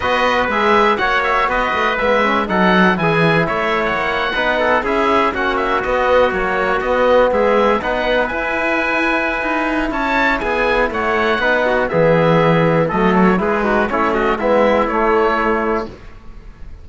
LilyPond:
<<
  \new Staff \with { instrumentName = "oboe" } { \time 4/4 \tempo 4 = 121 dis''4 e''4 fis''8 e''8 dis''4 | e''4 fis''4 gis''4 e''8. fis''16~ | fis''4.~ fis''16 e''4 fis''8 e''8 dis''16~ | dis''8. cis''4 dis''4 e''4 fis''16~ |
fis''8. gis''2.~ gis''16 | a''4 gis''4 fis''2 | e''2 dis''8 cis''8 b'4 | cis''8 dis''8 e''4 cis''2 | }
  \new Staff \with { instrumentName = "trumpet" } { \time 4/4 b'2 cis''4 b'4~ | b'4 a'4 gis'4 cis''4~ | cis''8. b'8 a'8 gis'4 fis'4~ fis'16~ | fis'2~ fis'8. gis'4 b'16~ |
b'1 | cis''4 gis'4 cis''4 b'8 fis'8 | gis'2 a'4 gis'8 fis'8 | e'8 fis'8 e'2. | }
  \new Staff \with { instrumentName = "trombone" } { \time 4/4 fis'4 gis'4 fis'2 | b8 cis'8 dis'4 e'2~ | e'8. dis'4 e'4 cis'4 b16~ | b8. fis4 b2 dis'16~ |
dis'8. e'2.~ e'16~ | e'2. dis'4 | b2 a4 e'8 dis'8 | cis'4 b4 a2 | }
  \new Staff \with { instrumentName = "cello" } { \time 4/4 b4 gis4 ais4 b8 a8 | gis4 fis4 e4 a4 | ais8. b4 cis'4 ais4 b16~ | b8. ais4 b4 gis4 b16~ |
b8. e'2~ e'16 dis'4 | cis'4 b4 a4 b4 | e2 fis4 gis4 | a4 gis4 a2 | }
>>